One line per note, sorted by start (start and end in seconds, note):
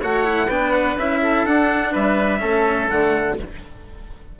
0.00 0.48 A3
0.00 0.24 F#4
0.00 0.47 C#5
0.00 0.50 F#5
0.24 0.48 E4
0.47 0.96 B3
0.47 0.98 D4
0.47 1.19 B4
0.47 0.72 G5
0.72 0.96 F#5
0.97 1.45 C#4
0.97 1.47 E4
0.97 1.45 E5
1.22 1.92 A4
1.45 1.93 D4
1.45 2.39 D4
1.45 1.93 F#5
1.92 2.42 G3
1.92 2.40 B4
1.92 2.90 E5
2.39 2.90 A3
2.39 2.87 C#4
2.39 3.37 A4
2.90 3.39 D3
2.90 3.39 A3
2.90 3.38 F#5